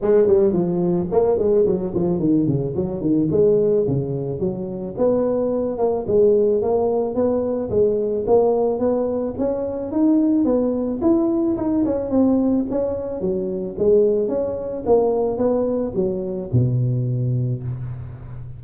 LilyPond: \new Staff \with { instrumentName = "tuba" } { \time 4/4 \tempo 4 = 109 gis8 g8 f4 ais8 gis8 fis8 f8 | dis8 cis8 fis8 dis8 gis4 cis4 | fis4 b4. ais8 gis4 | ais4 b4 gis4 ais4 |
b4 cis'4 dis'4 b4 | e'4 dis'8 cis'8 c'4 cis'4 | fis4 gis4 cis'4 ais4 | b4 fis4 b,2 | }